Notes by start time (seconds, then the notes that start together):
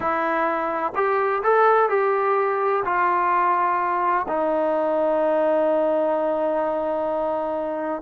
0.00 E4
0.95 G4
1.43 A4
1.89 G4
2.85 F4
4.28 D#4